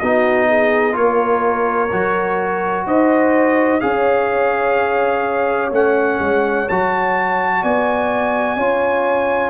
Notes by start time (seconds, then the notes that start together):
0.00 B3 D#4 F#4 D#5
0.48 G#4
0.93 A#3 F4 C#5
1.00 A#4
1.92 F#3 F#4
2.87 D#4 C5 D#5
3.81 C#4 G#4 C#5 F5
5.72 A3 C#4 F#5
6.20 G#3
6.69 F#3 F#4 A5
7.62 B3 D5 G#5
8.57 C#4 F4 C#5